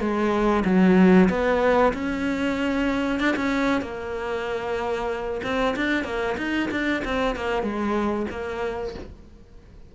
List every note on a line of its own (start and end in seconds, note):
0.00 0.64 G#3
0.65 1.29 F#3
1.29 1.93 B3
1.94 3.19 C#4
3.19 3.35 D4
3.36 3.81 C#4
3.81 5.41 A#3
5.43 5.75 C4
5.76 6.04 D4
6.04 6.36 A#3
6.37 6.69 D#4
6.71 7.03 D4
7.05 7.36 C4
7.36 7.62 A#3
7.62 8.26 G#3
8.31 8.94 A#3